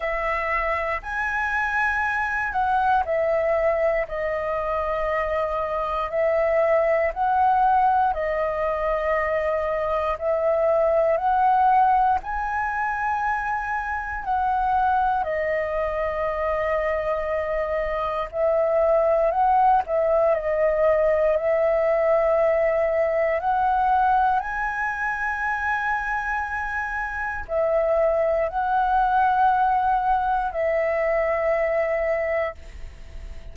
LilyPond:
\new Staff \with { instrumentName = "flute" } { \time 4/4 \tempo 4 = 59 e''4 gis''4. fis''8 e''4 | dis''2 e''4 fis''4 | dis''2 e''4 fis''4 | gis''2 fis''4 dis''4~ |
dis''2 e''4 fis''8 e''8 | dis''4 e''2 fis''4 | gis''2. e''4 | fis''2 e''2 | }